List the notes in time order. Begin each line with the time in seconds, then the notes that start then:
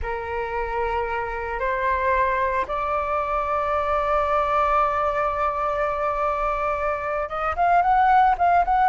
0.02 A#4
1.59 C5
2.67 D5
7.28 D#5
7.55 F5
7.82 F#5
8.37 F5
8.65 F#5